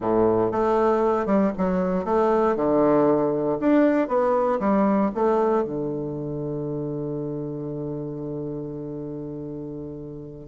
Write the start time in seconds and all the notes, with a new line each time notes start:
0.00 A2
0.51 A3
1.26 G3
1.57 F#3
2.05 A3
2.55 D3
3.59 D4
4.08 B3
4.59 G3
5.14 A3
5.64 D3